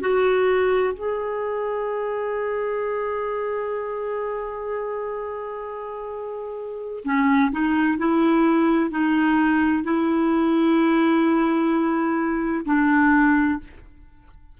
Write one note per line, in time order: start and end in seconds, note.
0.00 0.94 F#4
0.94 7.03 G#4
7.05 7.52 C#4
7.52 7.98 D#4
7.98 8.91 E4
8.91 9.84 D#4
9.84 12.65 E4
12.66 13.59 D4